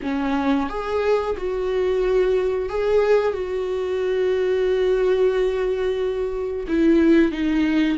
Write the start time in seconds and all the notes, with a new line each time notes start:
0.02 C#4
0.69 G#4
1.37 F#4
2.69 G#4
3.33 F#4
6.68 E4
7.31 D#4